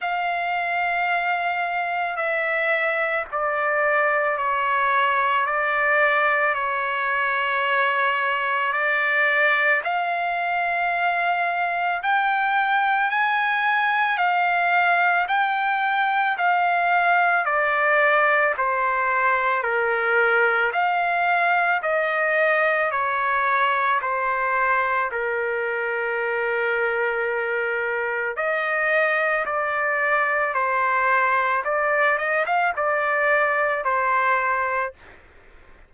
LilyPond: \new Staff \with { instrumentName = "trumpet" } { \time 4/4 \tempo 4 = 55 f''2 e''4 d''4 | cis''4 d''4 cis''2 | d''4 f''2 g''4 | gis''4 f''4 g''4 f''4 |
d''4 c''4 ais'4 f''4 | dis''4 cis''4 c''4 ais'4~ | ais'2 dis''4 d''4 | c''4 d''8 dis''16 f''16 d''4 c''4 | }